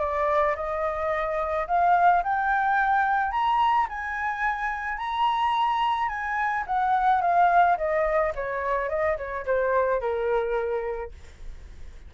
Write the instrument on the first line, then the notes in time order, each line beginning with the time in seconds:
flute
0.00 D5
0.56 D#5
1.68 F5
2.23 G5
3.32 A#5
3.89 G#5
4.98 A#5
6.09 G#5
6.67 F#5
7.21 F5
7.78 D#5
8.35 C#5
8.89 D#5
9.18 C#5
9.46 C5
10.01 A#4